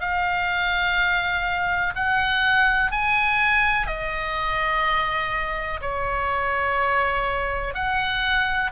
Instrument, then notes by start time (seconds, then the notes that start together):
oboe
0.00 F5
1.95 F#5
2.91 G#5
3.86 D#5
5.81 C#5
7.74 F#5